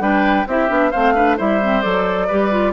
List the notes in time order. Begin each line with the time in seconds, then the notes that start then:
0.00 G3 D4 B4 G5
0.47 C4 E4 G4 E5
0.69 B3 D4
0.91 A3 C4 C5 F5
1.15 D4 B4
1.37 G3 E4 C5 E5
1.62 C4
1.81 F#3 A4 D5
2.27 G3 G4 B4
2.51 F4